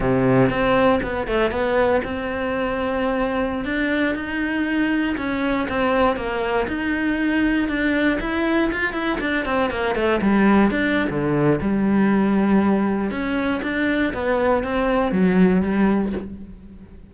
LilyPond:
\new Staff \with { instrumentName = "cello" } { \time 4/4 \tempo 4 = 119 c4 c'4 b8 a8 b4 | c'2.~ c'16 d'8.~ | d'16 dis'2 cis'4 c'8.~ | c'16 ais4 dis'2 d'8.~ |
d'16 e'4 f'8 e'8 d'8 c'8 ais8 a16~ | a16 g4 d'8. d4 g4~ | g2 cis'4 d'4 | b4 c'4 fis4 g4 | }